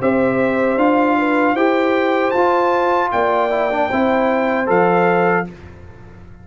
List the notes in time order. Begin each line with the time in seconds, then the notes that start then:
0.00 C4 G4 C5 E5
0.77 D4 F4 F5
1.18 B4
1.53 E4 G4 C5 G5
2.31 F4 A5
2.37 F4
3.12 A#3 D5 G5
3.50 E4
3.71 D4
3.89 C4 E4 C5
4.67 F3 A4 F5